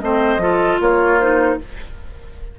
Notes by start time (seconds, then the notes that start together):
0.00 A3 C4 C5 D#5
0.37 F3 F4 A4
0.80 A#3 F4 C#5
1.19 D#4 C5